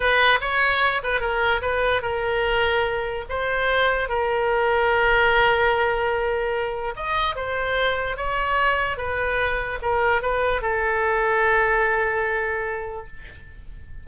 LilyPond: \new Staff \with { instrumentName = "oboe" } { \time 4/4 \tempo 4 = 147 b'4 cis''4. b'8 ais'4 | b'4 ais'2. | c''2 ais'2~ | ais'1~ |
ais'4 dis''4 c''2 | cis''2 b'2 | ais'4 b'4 a'2~ | a'1 | }